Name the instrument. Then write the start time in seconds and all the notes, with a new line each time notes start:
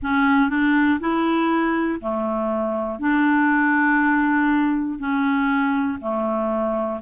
clarinet
0.02 C#4
0.49 D4
1.00 E4
2.00 A3
2.99 D4
4.99 C#4
6.00 A3